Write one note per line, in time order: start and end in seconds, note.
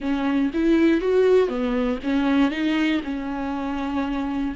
0.00 0.51 C#4
0.53 1.01 E4
1.01 1.48 F#4
1.48 1.98 B3
2.03 2.50 C#4
2.50 3.01 D#4
3.03 4.54 C#4